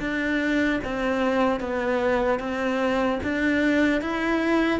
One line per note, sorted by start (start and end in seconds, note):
0.00 0.80 D4
0.84 1.60 C4
1.60 2.39 B3
2.39 3.19 C4
3.24 4.01 D4
4.01 4.80 E4